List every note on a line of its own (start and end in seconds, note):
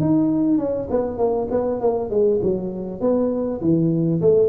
0.00 0.58 D#4
0.58 0.88 C#4
0.90 1.18 B3
1.18 1.48 A#3
1.51 1.81 B3
1.81 2.10 A#3
2.10 2.40 G#3
2.42 3.01 F#3
3.01 3.61 B3
3.61 4.21 E3
4.21 4.49 A3